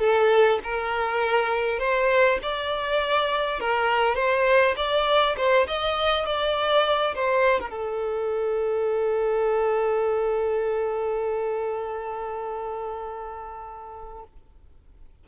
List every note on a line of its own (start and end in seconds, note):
0.00 0.59 A4
0.64 1.80 A#4
1.80 2.39 C5
2.42 3.60 D5
3.60 4.16 A#4
4.16 4.75 C5
4.77 5.36 D5
5.37 5.67 C5
5.68 6.26 D#5
6.26 7.15 D5
7.16 7.60 C5
7.60 7.70 A#4
7.70 14.24 A4